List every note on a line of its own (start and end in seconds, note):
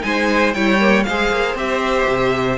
0.00 0.54 G#3
0.00 0.51 D#4
0.00 0.55 C5
0.00 0.53 G#5
0.53 1.06 G3
0.53 0.79 E4
0.53 1.06 C#5
0.53 1.03 G5
0.79 1.05 A#3
1.03 1.30 G#3
1.03 1.57 G#4
1.03 2.57 C5
1.03 1.55 F5
1.30 1.54 A#3
1.54 2.06 C4
1.54 2.57 G4
1.54 2.57 E5
2.07 2.57 C3